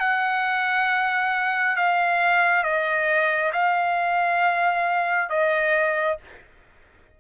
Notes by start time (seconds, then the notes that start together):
0.00 F#5
1.76 F5
2.64 D#5
3.53 F5
5.30 D#5